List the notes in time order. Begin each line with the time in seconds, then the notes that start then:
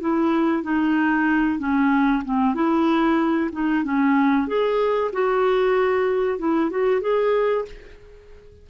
0.00 E4
0.63 D#4
1.59 C#4
2.25 C4
2.55 E4
3.53 D#4
3.84 C#4
4.47 G#4
5.13 F#4
6.38 E4
6.70 F#4
7.01 G#4